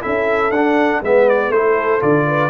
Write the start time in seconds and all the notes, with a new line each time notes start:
0.00 C#4 E4 A4 E5
0.50 D4 F#5
1.01 G#3 B3 B4 E5
1.28 D5
1.49 A3 E4 A4 C5
2.00 D3 F4 D5
2.26 B4